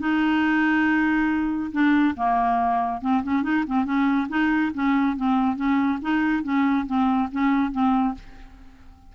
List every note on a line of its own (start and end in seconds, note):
0.00 1.71 D#4
1.72 2.15 D4
2.17 3.02 A#3
3.02 3.23 C4
3.24 3.43 C#4
3.43 3.65 D#4
3.67 3.85 C4
3.85 4.28 C#4
4.29 4.72 D#4
4.74 5.17 C#4
5.17 5.57 C4
5.57 5.99 C#4
6.02 6.43 D#4
6.43 6.86 C#4
6.87 7.30 C4
7.32 7.72 C#4
7.72 8.15 C4